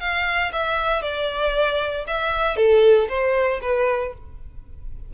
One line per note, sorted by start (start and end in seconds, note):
0.00 0.52 F5
0.52 1.02 E5
1.02 2.05 D5
2.07 2.56 E5
2.56 3.08 A4
3.09 3.60 C5
3.62 4.14 B4